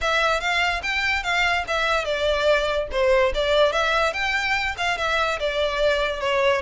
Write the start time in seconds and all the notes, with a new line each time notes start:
0.01 E5
0.40 F5
0.82 G5
1.23 F5
1.67 E5
2.05 D5
2.91 C5
3.34 D5
3.72 E5
4.13 G5
4.77 F5
4.97 E5
5.39 D5
6.20 C#5